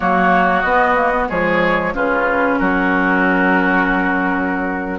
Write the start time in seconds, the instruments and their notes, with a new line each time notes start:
0.00 bassoon F#3, clarinet A#3, oboe F#4, flute C#5
0.60 bassoon B3, clarinet B3, flute D#5
0.95 clarinet A#3
1.12 clarinet B3
1.28 bassoon F3, clarinet G#3, oboe G#4, flute C#5
1.94 bassoon C#3, clarinet C#4, oboe F4, flute B4
2.58 bassoon F#3, oboe F#4, flute A#4